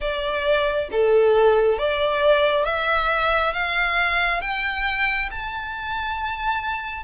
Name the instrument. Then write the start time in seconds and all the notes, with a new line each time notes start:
violin
0.00 D5
0.91 A4
1.78 D5
2.65 E5
3.53 F5
4.41 G5
5.31 A5